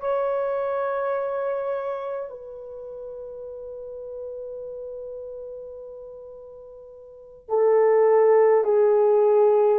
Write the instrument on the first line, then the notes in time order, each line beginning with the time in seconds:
horn
0.00 C#5
2.30 B4
7.49 A4
8.64 G#4